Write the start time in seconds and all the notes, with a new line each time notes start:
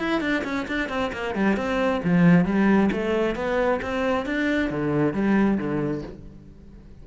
0.00 E4
0.21 D4
0.45 C#4
0.68 D4
0.90 C4
1.13 A#3
1.35 G3
1.57 C4
2.04 F3
2.45 G3
2.92 A3
3.36 B3
3.82 C4
4.26 D4
4.71 D3
5.14 G3
5.58 D3